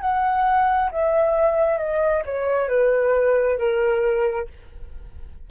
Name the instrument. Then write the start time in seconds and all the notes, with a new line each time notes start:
flute
0.00 F#5
0.91 E5
1.78 D#5
2.25 C#5
2.68 B4
3.58 A#4